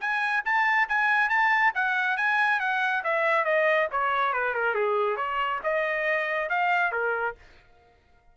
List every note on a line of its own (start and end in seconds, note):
0.00 0.43 G#5
0.45 0.88 A5
0.88 1.29 G#5
1.29 1.72 A5
1.74 2.17 F#5
2.17 2.60 G#5
2.60 3.03 F#5
3.04 3.44 E5
3.44 3.88 D#5
3.91 4.33 C#5
4.33 4.54 B4
4.54 4.75 A#4
4.75 5.16 G#4
5.16 5.60 C#5
5.63 6.49 D#5
6.49 6.92 F5
6.92 7.35 A#4